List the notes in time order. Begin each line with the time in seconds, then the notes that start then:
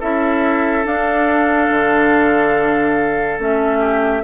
0.00 C#4 E4 A4 E5
0.85 D4 F5
1.71 D3
3.39 A3 C#4 E5
3.79 G4